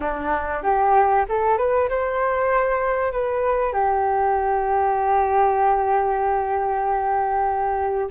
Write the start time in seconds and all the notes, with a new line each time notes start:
0.00 D4
0.62 G4
1.28 A4
1.57 B4
1.89 C5
3.12 B4
3.72 G4